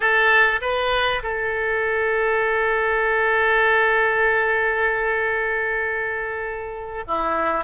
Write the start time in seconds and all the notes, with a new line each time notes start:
0.00 A4
0.61 B4
1.22 A4
7.07 E4